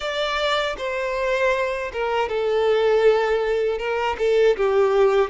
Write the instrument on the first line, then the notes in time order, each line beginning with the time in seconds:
violin
0.00 D5
0.77 C5
1.93 A#4
2.29 A4
3.78 A#4
4.18 A4
4.56 G4